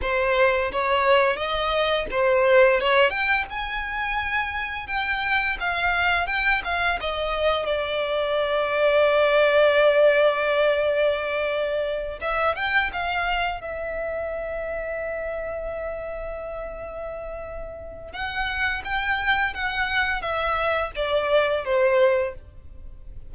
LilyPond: \new Staff \with { instrumentName = "violin" } { \time 4/4 \tempo 4 = 86 c''4 cis''4 dis''4 c''4 | cis''8 g''8 gis''2 g''4 | f''4 g''8 f''8 dis''4 d''4~ | d''1~ |
d''4. e''8 g''8 f''4 e''8~ | e''1~ | e''2 fis''4 g''4 | fis''4 e''4 d''4 c''4 | }